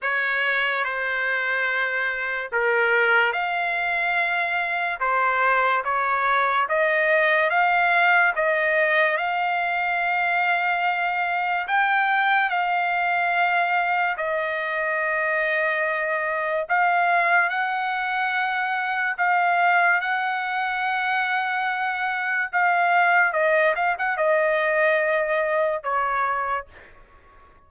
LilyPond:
\new Staff \with { instrumentName = "trumpet" } { \time 4/4 \tempo 4 = 72 cis''4 c''2 ais'4 | f''2 c''4 cis''4 | dis''4 f''4 dis''4 f''4~ | f''2 g''4 f''4~ |
f''4 dis''2. | f''4 fis''2 f''4 | fis''2. f''4 | dis''8 f''16 fis''16 dis''2 cis''4 | }